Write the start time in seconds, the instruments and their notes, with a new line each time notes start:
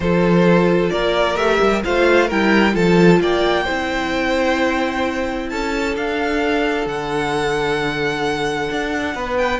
0.00 cello F3, viola F4, violin A4 C5
0.90 cello A#3, violin A#4 D5
1.35 cello A3, viola G4, violin E5
1.60 cello G3
1.84 cello A3, viola F4, violin C5 F5
2.27 cello G3, viola E4, violin A#4 G5
2.72 cello F3, viola F4, violin A4 A5
3.20 cello A#3, violin D5 G5
3.64 cello C4, viola E4, violin C5
5.49 cello C#4, violin A4 A5
5.95 viola D4, cello D4, violin F5
6.85 cello D3, violin F#5
8.70 cello D4
9.14 cello B3, violin B4
9.37 violin G5